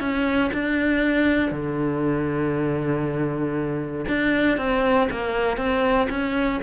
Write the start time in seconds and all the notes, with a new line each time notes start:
0.00 C#4
0.53 D4
1.51 D3
4.08 D4
4.58 C4
5.11 A#3
5.57 C4
6.09 C#4